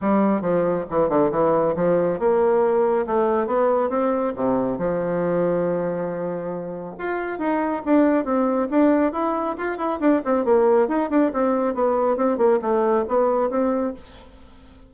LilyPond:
\new Staff \with { instrumentName = "bassoon" } { \time 4/4 \tempo 4 = 138 g4 f4 e8 d8 e4 | f4 ais2 a4 | b4 c'4 c4 f4~ | f1 |
f'4 dis'4 d'4 c'4 | d'4 e'4 f'8 e'8 d'8 c'8 | ais4 dis'8 d'8 c'4 b4 | c'8 ais8 a4 b4 c'4 | }